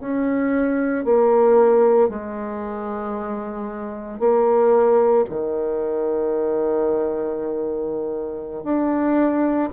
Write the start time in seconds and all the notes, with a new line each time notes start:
0.00 C#4
1.04 A#3
2.09 G#3
4.19 A#3
5.29 D#3
8.64 D4